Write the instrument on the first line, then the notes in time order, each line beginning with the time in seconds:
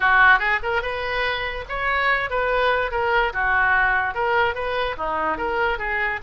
oboe
0.00 F#4
0.39 G#4
0.62 A#4
0.82 B4
1.69 C#5
2.30 B4
2.91 A#4
3.33 F#4
4.14 A#4
4.54 B4
4.97 D#4
5.37 A#4
5.78 G#4